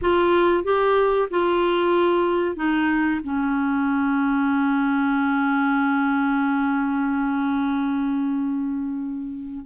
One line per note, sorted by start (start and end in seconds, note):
0.01 0.64 F4
0.64 1.28 G4
1.30 2.56 F4
2.56 3.20 D#4
3.23 9.65 C#4